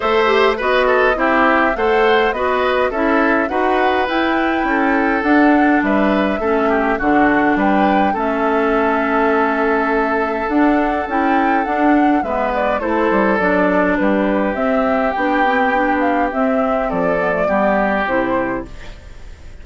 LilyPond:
<<
  \new Staff \with { instrumentName = "flute" } { \time 4/4 \tempo 4 = 103 e''4 dis''4 e''4 fis''4 | dis''4 e''4 fis''4 g''4~ | g''4 fis''4 e''2 | fis''4 g''4 e''2~ |
e''2 fis''4 g''4 | fis''4 e''8 d''8 c''4 d''4 | b'4 e''4 g''4. f''8 | e''4 d''2 c''4 | }
  \new Staff \with { instrumentName = "oboe" } { \time 4/4 c''4 b'8 a'8 g'4 c''4 | b'4 a'4 b'2 | a'2 b'4 a'8 g'8 | fis'4 b'4 a'2~ |
a'1~ | a'4 b'4 a'2 | g'1~ | g'4 a'4 g'2 | }
  \new Staff \with { instrumentName = "clarinet" } { \time 4/4 a'8 g'8 fis'4 e'4 a'4 | fis'4 e'4 fis'4 e'4~ | e'4 d'2 cis'4 | d'2 cis'2~ |
cis'2 d'4 e'4 | d'4 b4 e'4 d'4~ | d'4 c'4 d'8 c'8 d'4 | c'4. b16 a16 b4 e'4 | }
  \new Staff \with { instrumentName = "bassoon" } { \time 4/4 a4 b4 c'4 a4 | b4 cis'4 dis'4 e'4 | cis'4 d'4 g4 a4 | d4 g4 a2~ |
a2 d'4 cis'4 | d'4 gis4 a8 g8 fis4 | g4 c'4 b2 | c'4 f4 g4 c4 | }
>>